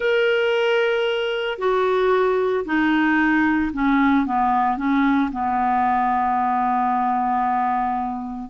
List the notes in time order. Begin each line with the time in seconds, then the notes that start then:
0.00 A#4
1.58 F#4
2.65 D#4
3.73 C#4
4.26 B3
4.77 C#4
5.31 B3